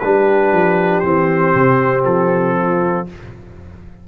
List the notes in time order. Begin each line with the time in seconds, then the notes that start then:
0.00 G3 D4 G4 B4
0.53 F3
1.00 E3 C4 C5
1.55 C3
2.05 F3 A4
2.57 F4